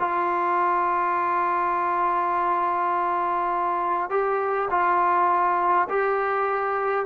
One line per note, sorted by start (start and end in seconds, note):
0.00 4.10 F4
4.10 4.69 G4
4.71 5.88 F4
5.90 7.06 G4